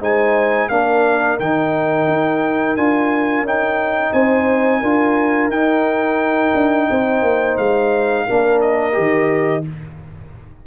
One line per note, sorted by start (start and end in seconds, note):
0.00 0.69 G#3
0.00 0.70 D#4
0.00 0.69 C5
0.00 0.69 G#5
0.69 1.39 A#3
0.69 1.39 D4
0.69 4.13 A#4
0.69 1.38 F5
1.40 2.07 D#3
1.40 2.77 D#4
1.40 2.76 G5
2.07 2.76 D#4
2.76 3.41 D4
2.76 3.45 F4
2.76 3.45 G#5
3.41 4.10 C#4
3.41 4.83 D#4
3.41 4.13 G5
4.13 4.82 C4
4.13 4.80 C5
4.13 5.50 G#5
4.80 5.48 D4
4.80 5.52 F4
4.80 6.87 A#4
5.48 6.52 D#4
5.48 8.28 D#4
5.48 7.57 G5
6.54 6.89 D4
6.90 7.22 C4
6.90 8.26 C5
7.22 7.57 A#3
7.57 8.27 G#3
7.57 8.60 F5
8.26 8.97 A#3
8.26 8.93 D4
8.26 9.64 A#4
8.61 9.64 D#5
8.93 9.66 D#3
8.93 9.61 G4